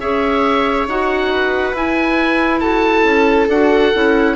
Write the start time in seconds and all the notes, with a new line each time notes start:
0.00 C#4 G#4 C#5 E5
0.87 D#4 F#4 F#5
1.32 B4
1.73 E4 G#5
2.60 F#4 A4 A5
3.03 C#4
3.48 D4 F#4 F#5
3.93 C#4 E4